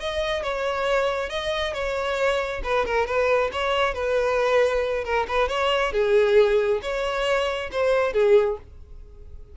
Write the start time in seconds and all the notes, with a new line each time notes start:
0.00 D#5
0.43 C#5
1.30 D#5
1.74 C#5
2.64 B4
2.86 A#4
3.06 B4
3.53 C#5
3.94 B4
5.04 A#4
5.28 B4
5.48 C#5
5.93 G#4
6.82 C#5
7.72 C5
8.13 G#4